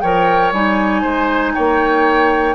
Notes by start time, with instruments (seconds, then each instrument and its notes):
0.00 bassoon F3, clarinet A#4, oboe C#5, flute G5
0.51 bassoon G3, clarinet D#4, flute G#5
1.01 bassoon G#3, oboe C5
1.54 bassoon A#3, oboe C#5, flute G5